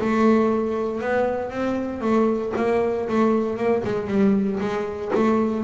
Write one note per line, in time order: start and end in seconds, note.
0.00 1.01 A3
1.01 1.50 B3
1.50 2.01 C4
2.01 2.53 A3
2.56 3.08 A#3
3.08 3.57 A3
3.57 3.83 A#3
3.84 4.07 G#3
4.07 4.59 G3
4.60 5.12 G#3
5.15 5.64 A3